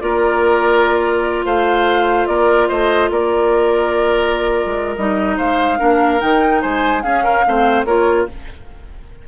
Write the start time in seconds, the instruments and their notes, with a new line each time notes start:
0.00 bassoon A#3, clarinet F4, oboe A#4, flute D5
1.45 bassoon A3, oboe C5, flute F5
2.27 bassoon A#3, oboe A#4, flute D5
2.68 bassoon A3, oboe C5, flute D#5
3.10 bassoon A#3, oboe A#4, flute D5
4.65 bassoon G#3
4.96 bassoon G3, clarinet D#4, flute D#5
5.37 bassoon G#3, oboe C5, flute F5
5.78 bassoon A#3, clarinet D4, oboe A#4
6.19 bassoon D#3, clarinet D#4, flute G5
6.61 bassoon G#3, oboe C5, flute G#5
7.02 clarinet C#4, bassoon C#4, oboe G#4, flute F5
7.23 oboe A#4
7.46 bassoon A3, clarinet C4, oboe C5
7.85 bassoon A#3, clarinet F4, oboe A#4, flute C#5